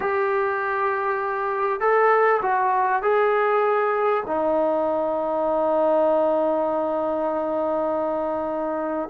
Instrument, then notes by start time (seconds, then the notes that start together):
trombone
0.00 G4
1.80 A4
2.41 F#4
3.02 G#4
4.26 D#4